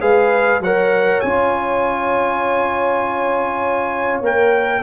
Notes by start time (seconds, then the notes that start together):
0.00 G#3 G#4 B4 F5
0.60 F#3 A#4 C#5 F#5
1.20 C#4 F4 G#5
4.21 A#3 A#4 G5